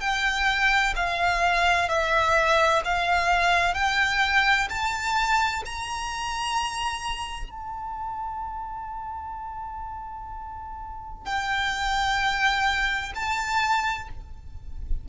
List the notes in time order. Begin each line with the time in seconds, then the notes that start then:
0.00 G5
0.95 F5
1.88 E5
2.84 F5
3.74 G5
4.69 A5
5.65 A#5
7.50 A5
11.25 G5
13.15 A5